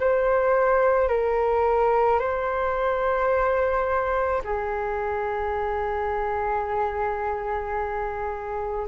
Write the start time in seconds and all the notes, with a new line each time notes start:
0.00 C5
1.09 A#4
2.20 C5
4.44 G#4